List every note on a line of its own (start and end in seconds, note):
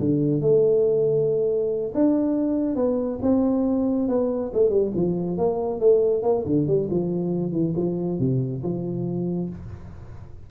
0.00 0.42 D3
0.42 1.93 A3
1.95 2.76 D4
2.76 3.19 B3
3.22 4.08 C4
4.09 4.52 B3
4.54 4.70 A3
4.70 4.92 G3
4.95 5.38 F3
5.38 5.80 A#3
5.80 6.23 A3
6.23 6.45 A#3
6.46 6.67 D3
6.67 6.89 G3
6.91 7.52 F3
7.52 7.74 E3
7.77 8.20 F3
8.20 8.63 C3
8.64 9.50 F3